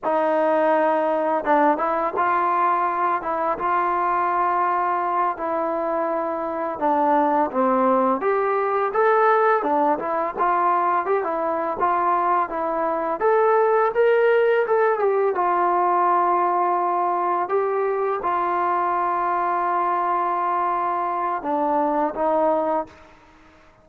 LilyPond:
\new Staff \with { instrumentName = "trombone" } { \time 4/4 \tempo 4 = 84 dis'2 d'8 e'8 f'4~ | f'8 e'8 f'2~ f'8 e'8~ | e'4. d'4 c'4 g'8~ | g'8 a'4 d'8 e'8 f'4 g'16 e'16~ |
e'8 f'4 e'4 a'4 ais'8~ | ais'8 a'8 g'8 f'2~ f'8~ | f'8 g'4 f'2~ f'8~ | f'2 d'4 dis'4 | }